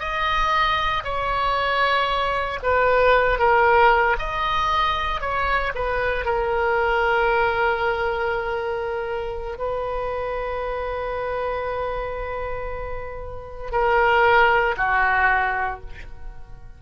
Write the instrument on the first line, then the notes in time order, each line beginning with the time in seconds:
oboe
0.00 D#5
1.04 C#5
2.63 B4
3.39 A#4
4.19 D#5
5.21 C#5
5.75 B4
6.25 A#4
9.58 B4
13.72 A#4
14.77 F#4